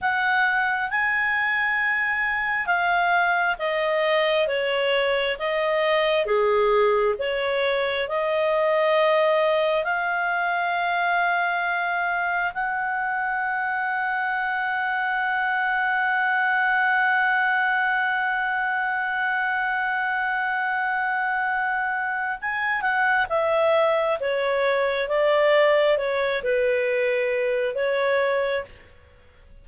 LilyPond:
\new Staff \with { instrumentName = "clarinet" } { \time 4/4 \tempo 4 = 67 fis''4 gis''2 f''4 | dis''4 cis''4 dis''4 gis'4 | cis''4 dis''2 f''4~ | f''2 fis''2~ |
fis''1~ | fis''1~ | fis''4 gis''8 fis''8 e''4 cis''4 | d''4 cis''8 b'4. cis''4 | }